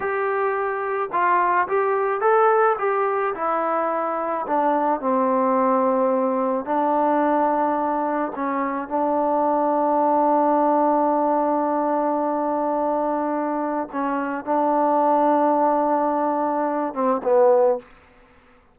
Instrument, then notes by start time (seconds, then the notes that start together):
trombone
0.00 G4
1.12 F4
1.67 G4
2.20 A4
2.78 G4
3.35 E4
4.46 D4
5.00 C4
6.65 D4
8.35 C#4
8.88 D4
13.92 C#4
14.44 D4
16.93 C4
17.23 B3